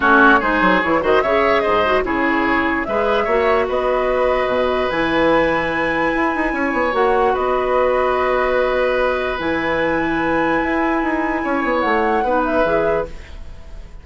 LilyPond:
<<
  \new Staff \with { instrumentName = "flute" } { \time 4/4 \tempo 4 = 147 cis''4 c''4 cis''8 dis''8 e''4 | dis''4 cis''2 e''4~ | e''4 dis''2. | gis''1~ |
gis''4 fis''4 dis''2~ | dis''2. gis''4~ | gis''1~ | gis''4 fis''4. e''4. | }
  \new Staff \with { instrumentName = "oboe" } { \time 4/4 fis'4 gis'4. c''8 cis''4 | c''4 gis'2 b'4 | cis''4 b'2.~ | b'1 |
cis''2 b'2~ | b'1~ | b'1 | cis''2 b'2 | }
  \new Staff \with { instrumentName = "clarinet" } { \time 4/4 cis'4 dis'4 e'8 fis'8 gis'4~ | gis'8 fis'8 e'2 gis'4 | fis'1 | e'1~ |
e'4 fis'2.~ | fis'2. e'4~ | e'1~ | e'2 dis'4 gis'4 | }
  \new Staff \with { instrumentName = "bassoon" } { \time 4/4 a4 gis8 fis8 e8 dis8 cis4 | gis,4 cis2 gis4 | ais4 b2 b,4 | e2. e'8 dis'8 |
cis'8 b8 ais4 b2~ | b2. e4~ | e2 e'4 dis'4 | cis'8 b8 a4 b4 e4 | }
>>